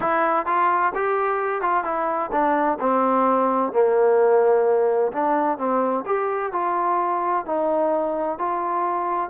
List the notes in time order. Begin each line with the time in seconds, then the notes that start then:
0.00 E4
0.46 F4
0.94 G4
1.61 F4
1.84 E4
2.32 D4
2.79 C4
3.72 A#3
5.12 D4
5.58 C4
6.05 G4
6.52 F4
7.45 D#4
8.38 F4